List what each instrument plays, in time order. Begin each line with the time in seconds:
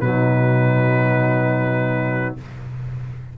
0.00 tuba B2, trombone F#3, horn D#4, trumpet B4